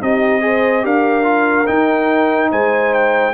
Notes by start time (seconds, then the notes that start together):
0.00 C4 D#4 G4 D#5
0.41 G#4 C5
0.82 D4 G4 A#4 F5
1.24 F4
1.67 D#4 G5
2.51 G#3 C5 G#5
2.94 G5